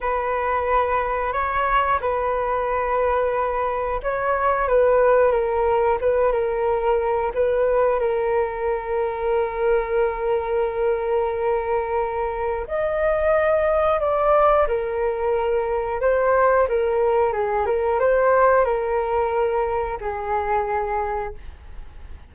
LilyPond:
\new Staff \with { instrumentName = "flute" } { \time 4/4 \tempo 4 = 90 b'2 cis''4 b'4~ | b'2 cis''4 b'4 | ais'4 b'8 ais'4. b'4 | ais'1~ |
ais'2. dis''4~ | dis''4 d''4 ais'2 | c''4 ais'4 gis'8 ais'8 c''4 | ais'2 gis'2 | }